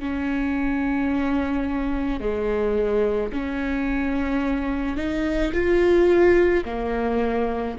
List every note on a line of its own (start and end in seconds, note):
0.00 2.21 C#4
2.21 3.32 G#3
3.33 4.97 C#4
4.97 5.53 D#4
5.54 6.65 F4
6.66 7.77 A#3